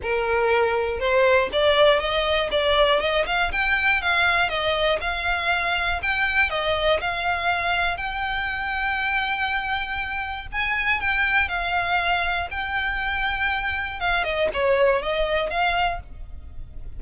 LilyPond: \new Staff \with { instrumentName = "violin" } { \time 4/4 \tempo 4 = 120 ais'2 c''4 d''4 | dis''4 d''4 dis''8 f''8 g''4 | f''4 dis''4 f''2 | g''4 dis''4 f''2 |
g''1~ | g''4 gis''4 g''4 f''4~ | f''4 g''2. | f''8 dis''8 cis''4 dis''4 f''4 | }